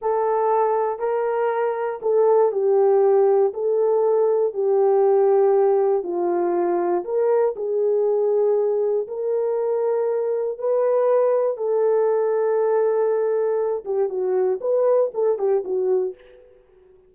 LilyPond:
\new Staff \with { instrumentName = "horn" } { \time 4/4 \tempo 4 = 119 a'2 ais'2 | a'4 g'2 a'4~ | a'4 g'2. | f'2 ais'4 gis'4~ |
gis'2 ais'2~ | ais'4 b'2 a'4~ | a'2.~ a'8 g'8 | fis'4 b'4 a'8 g'8 fis'4 | }